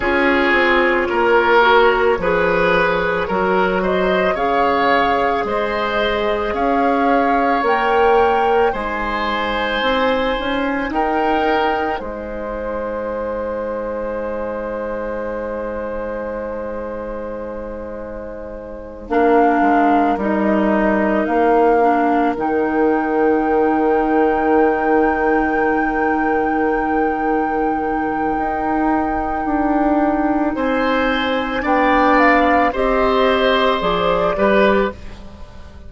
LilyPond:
<<
  \new Staff \with { instrumentName = "flute" } { \time 4/4 \tempo 4 = 55 cis''2.~ cis''8 dis''8 | f''4 dis''4 f''4 g''4 | gis''2 g''4 gis''4~ | gis''1~ |
gis''4. f''4 dis''4 f''8~ | f''8 g''2.~ g''8~ | g''1 | gis''4 g''8 f''8 dis''4 d''4 | }
  \new Staff \with { instrumentName = "oboe" } { \time 4/4 gis'4 ais'4 b'4 ais'8 c''8 | cis''4 c''4 cis''2 | c''2 ais'4 c''4~ | c''1~ |
c''4. ais'2~ ais'8~ | ais'1~ | ais'1 | c''4 d''4 c''4. b'8 | }
  \new Staff \with { instrumentName = "clarinet" } { \time 4/4 f'4. fis'8 gis'4 fis'4 | gis'2. ais'4 | dis'1~ | dis'1~ |
dis'4. d'4 dis'4. | d'8 dis'2.~ dis'8~ | dis'1~ | dis'4 d'4 g'4 gis'8 g'8 | }
  \new Staff \with { instrumentName = "bassoon" } { \time 4/4 cis'8 c'8 ais4 f4 fis4 | cis4 gis4 cis'4 ais4 | gis4 c'8 cis'8 dis'4 gis4~ | gis1~ |
gis4. ais8 gis8 g4 ais8~ | ais8 dis2.~ dis8~ | dis2 dis'4 d'4 | c'4 b4 c'4 f8 g8 | }
>>